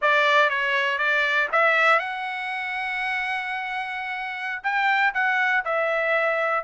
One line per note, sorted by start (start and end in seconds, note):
0.01 0.49 D5
0.49 0.98 C#5
0.98 1.48 D5
1.52 1.99 E5
1.99 4.61 F#5
4.63 5.13 G5
5.14 5.64 F#5
5.64 6.64 E5